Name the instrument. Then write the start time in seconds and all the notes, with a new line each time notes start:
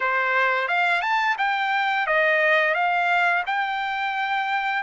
trumpet
0.00 C5
0.68 F5
1.01 A5
1.38 G5
2.07 D#5
2.74 F5
3.46 G5